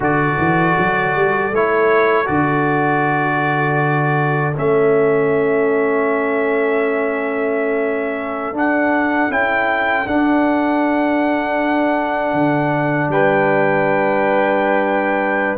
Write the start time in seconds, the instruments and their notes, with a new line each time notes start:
0.00 tuba D3, trombone F#4, horn A4, trumpet D5
0.37 tuba E3
0.77 tuba F#3
1.15 tuba G3
1.51 tuba A3, trombone E4, trumpet C#5
2.25 tuba D3, trombone F#4, trumpet D5
4.56 tuba A3, trombone C#4, trumpet E5
8.52 tuba D4, trombone D4, trumpet F#5
9.30 tuba C#4, trombone E4, trumpet G5
10.06 tuba D4, trombone D4, trumpet F#5
12.33 tuba D3
13.08 tuba G3, horn B4, trumpet G5